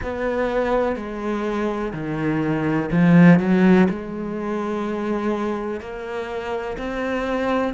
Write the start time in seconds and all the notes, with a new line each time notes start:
0.02 B3
0.95 G#3
1.93 D#3
2.91 F3
3.39 F#3
3.89 G#3
5.80 A#3
6.77 C4